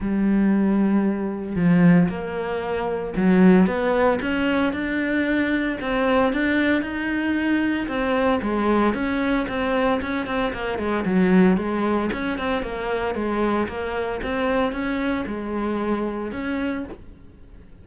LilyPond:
\new Staff \with { instrumentName = "cello" } { \time 4/4 \tempo 4 = 114 g2. f4 | ais2 fis4 b4 | cis'4 d'2 c'4 | d'4 dis'2 c'4 |
gis4 cis'4 c'4 cis'8 c'8 | ais8 gis8 fis4 gis4 cis'8 c'8 | ais4 gis4 ais4 c'4 | cis'4 gis2 cis'4 | }